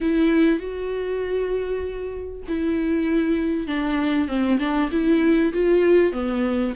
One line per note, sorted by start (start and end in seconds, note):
0.00 0.59 E4
0.59 2.42 F#4
2.48 3.67 E4
3.67 4.27 D4
4.27 4.58 C4
4.59 4.90 D4
4.91 5.52 E4
5.53 6.12 F4
6.12 6.73 B3